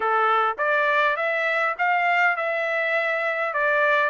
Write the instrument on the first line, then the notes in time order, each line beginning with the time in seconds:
trumpet
0.00 A4
0.58 D5
1.16 E5
1.78 F5
2.36 E5
3.53 D5